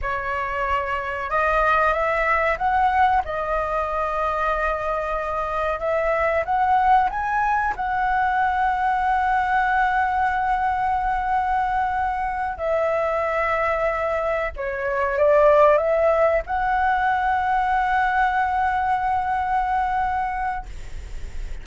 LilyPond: \new Staff \with { instrumentName = "flute" } { \time 4/4 \tempo 4 = 93 cis''2 dis''4 e''4 | fis''4 dis''2.~ | dis''4 e''4 fis''4 gis''4 | fis''1~ |
fis''2.~ fis''8 e''8~ | e''2~ e''8 cis''4 d''8~ | d''8 e''4 fis''2~ fis''8~ | fis''1 | }